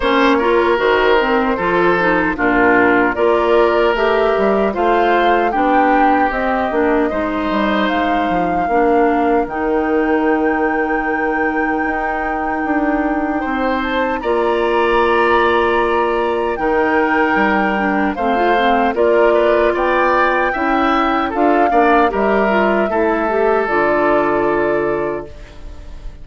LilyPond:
<<
  \new Staff \with { instrumentName = "flute" } { \time 4/4 \tempo 4 = 76 cis''4 c''2 ais'4 | d''4 e''4 f''4 g''4 | dis''2 f''2 | g''1~ |
g''4. a''8 ais''2~ | ais''4 g''2 f''4 | d''4 g''2 f''4 | e''2 d''2 | }
  \new Staff \with { instrumentName = "oboe" } { \time 4/4 c''8 ais'4. a'4 f'4 | ais'2 c''4 g'4~ | g'4 c''2 ais'4~ | ais'1~ |
ais'4 c''4 d''2~ | d''4 ais'2 c''4 | ais'8 b'8 d''4 e''4 a'8 d''8 | ais'4 a'2. | }
  \new Staff \with { instrumentName = "clarinet" } { \time 4/4 cis'8 f'8 fis'8 c'8 f'8 dis'8 d'4 | f'4 g'4 f'4 d'4 | c'8 d'8 dis'2 d'4 | dis'1~ |
dis'2 f'2~ | f'4 dis'4. d'8 c'16 f'16 c'8 | f'2 e'4 f'8 d'8 | g'8 f'8 e'8 g'8 f'2 | }
  \new Staff \with { instrumentName = "bassoon" } { \time 4/4 ais4 dis4 f4 ais,4 | ais4 a8 g8 a4 b4 | c'8 ais8 gis8 g8 gis8 f8 ais4 | dis2. dis'4 |
d'4 c'4 ais2~ | ais4 dis4 g4 a4 | ais4 b4 cis'4 d'8 ais8 | g4 a4 d2 | }
>>